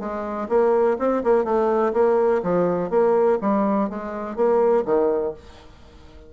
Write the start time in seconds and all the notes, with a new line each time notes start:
0.00 G#3
0.49 A#3
0.99 C4
1.24 A#3
1.45 A3
1.94 A#3
2.43 F3
2.91 A#3
3.42 G3
3.90 G#3
4.36 A#3
4.85 D#3